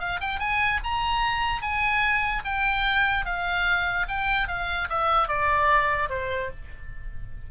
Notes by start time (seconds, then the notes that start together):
0.00 F5
0.21 G5
0.40 G#5
0.84 A#5
1.62 G#5
2.45 G5
3.26 F5
4.09 G5
4.48 F5
4.90 E5
5.29 D5
6.10 C5